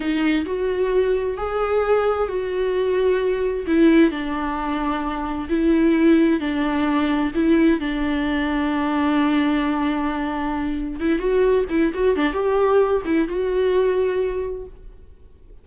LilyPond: \new Staff \with { instrumentName = "viola" } { \time 4/4 \tempo 4 = 131 dis'4 fis'2 gis'4~ | gis'4 fis'2. | e'4 d'2. | e'2 d'2 |
e'4 d'2.~ | d'1 | e'8 fis'4 e'8 fis'8 d'8 g'4~ | g'8 e'8 fis'2. | }